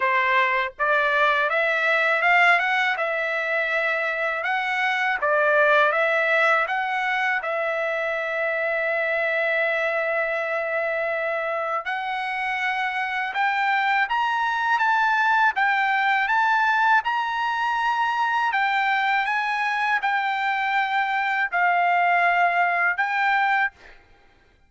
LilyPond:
\new Staff \with { instrumentName = "trumpet" } { \time 4/4 \tempo 4 = 81 c''4 d''4 e''4 f''8 fis''8 | e''2 fis''4 d''4 | e''4 fis''4 e''2~ | e''1 |
fis''2 g''4 ais''4 | a''4 g''4 a''4 ais''4~ | ais''4 g''4 gis''4 g''4~ | g''4 f''2 g''4 | }